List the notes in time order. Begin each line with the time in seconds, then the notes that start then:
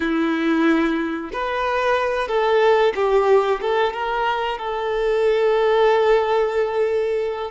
0.00 E4
1.32 B4
2.27 A4
2.95 G4
3.61 A4
3.93 A#4
4.58 A4